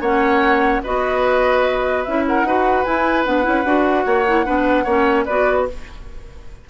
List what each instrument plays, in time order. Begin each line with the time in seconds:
0.00 bassoon A#3, clarinet C#4, oboe C#5, flute F#5
0.83 bassoon B3, clarinet F#4, oboe B4, flute D#5
2.04 bassoon C#4, clarinet E4, flute E5
2.27 oboe A#4, flute F#5
2.43 bassoon D#4, clarinet F#4, oboe B4
2.84 clarinet E4, bassoon E4, flute G#5
3.25 bassoon B3, clarinet D4, flute F#5
3.43 bassoon C#4, clarinet E4
3.65 bassoon D4, clarinet F#4
4.05 bassoon A#3, oboe C#5
4.27 clarinet E4
4.45 bassoon B3, clarinet D4, oboe B4
4.84 bassoon A#3, clarinet C#4, oboe C#5
5.25 bassoon B3, clarinet F#4, oboe B4, flute D5